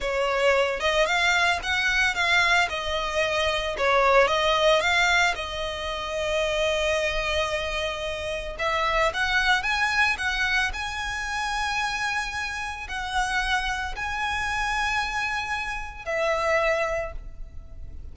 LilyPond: \new Staff \with { instrumentName = "violin" } { \time 4/4 \tempo 4 = 112 cis''4. dis''8 f''4 fis''4 | f''4 dis''2 cis''4 | dis''4 f''4 dis''2~ | dis''1 |
e''4 fis''4 gis''4 fis''4 | gis''1 | fis''2 gis''2~ | gis''2 e''2 | }